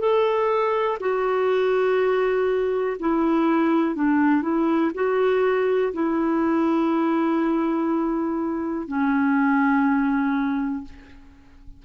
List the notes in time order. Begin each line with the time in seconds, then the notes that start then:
0.00 A4
1.01 F#4
3.00 E4
3.96 D4
4.42 E4
4.95 F#4
5.93 E4
8.88 C#4